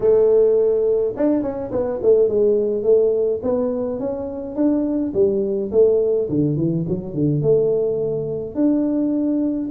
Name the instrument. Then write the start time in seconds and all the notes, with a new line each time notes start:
tuba
0.00 A3
1.16 D4
1.42 C#4
1.71 B3
2.02 A3
2.28 G#3
2.83 A3
3.42 B3
3.99 C#4
4.55 D4
5.13 G3
5.71 A3
6.29 D3
6.56 E3
6.88 F#3
7.14 D3
7.42 A3
8.55 D4